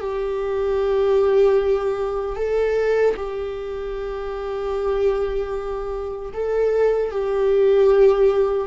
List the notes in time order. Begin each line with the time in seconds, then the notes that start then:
0.00 G4
2.36 A4
3.17 G4
6.34 A4
7.11 G4